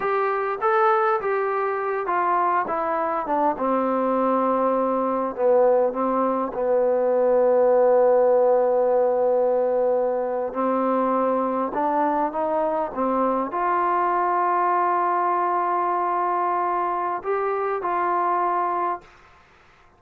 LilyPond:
\new Staff \with { instrumentName = "trombone" } { \time 4/4 \tempo 4 = 101 g'4 a'4 g'4. f'8~ | f'8 e'4 d'8 c'2~ | c'4 b4 c'4 b4~ | b1~ |
b4.~ b16 c'2 d'16~ | d'8. dis'4 c'4 f'4~ f'16~ | f'1~ | f'4 g'4 f'2 | }